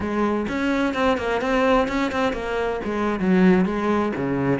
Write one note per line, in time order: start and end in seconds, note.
0.00 0.46 G#3
0.48 0.94 C#4
0.94 1.17 C4
1.17 1.41 A#3
1.41 1.87 C4
1.87 2.11 C#4
2.11 2.33 C4
2.33 2.80 A#3
2.84 3.19 G#3
3.19 3.65 F#3
3.65 4.12 G#3
4.15 4.59 C#3